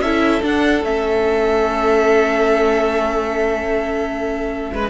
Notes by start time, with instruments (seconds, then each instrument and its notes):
0.00 cello C#4, viola E4, violin A4 E5
0.42 viola D4, cello D4, violin F#5
0.83 cello A3, viola C#4, violin E5
4.73 cello G#3, violin B4